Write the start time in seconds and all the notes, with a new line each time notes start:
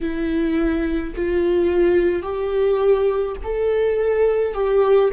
0.01 E4
1.15 F4
2.22 G4
3.43 A4
4.53 G4